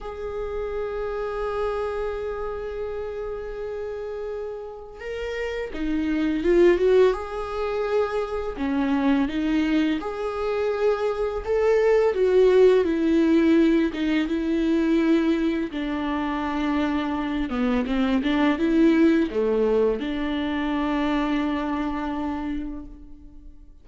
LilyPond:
\new Staff \with { instrumentName = "viola" } { \time 4/4 \tempo 4 = 84 gis'1~ | gis'2. ais'4 | dis'4 f'8 fis'8 gis'2 | cis'4 dis'4 gis'2 |
a'4 fis'4 e'4. dis'8 | e'2 d'2~ | d'8 b8 c'8 d'8 e'4 a4 | d'1 | }